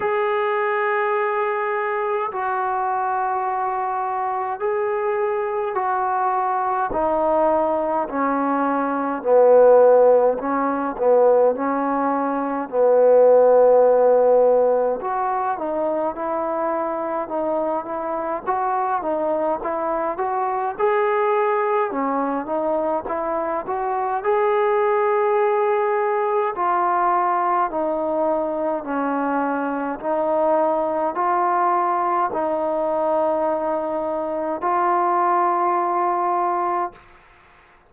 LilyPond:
\new Staff \with { instrumentName = "trombone" } { \time 4/4 \tempo 4 = 52 gis'2 fis'2 | gis'4 fis'4 dis'4 cis'4 | b4 cis'8 b8 cis'4 b4~ | b4 fis'8 dis'8 e'4 dis'8 e'8 |
fis'8 dis'8 e'8 fis'8 gis'4 cis'8 dis'8 | e'8 fis'8 gis'2 f'4 | dis'4 cis'4 dis'4 f'4 | dis'2 f'2 | }